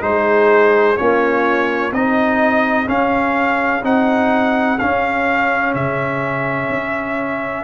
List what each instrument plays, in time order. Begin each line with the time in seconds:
0.00 tuba G#3, trombone D#4, horn G#4, trumpet C5
0.96 tuba A#3, trombone C#4, horn F4, trumpet C#5
1.92 tuba C4, trombone D#4, horn G#4, trumpet D#5
2.86 trombone C#4, tuba C#4, trumpet F5
3.83 tuba C4, trombone D#4, trumpet F#5
4.78 trombone C#4, tuba C#4, trumpet F5
5.74 tuba C#3, trumpet E5
6.69 tuba C#4